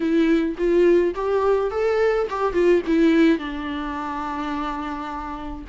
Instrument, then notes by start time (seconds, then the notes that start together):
viola
0.00 E4
0.57 F4
1.14 G4
1.71 A4
2.29 G4
2.53 F4
2.86 E4
3.38 D4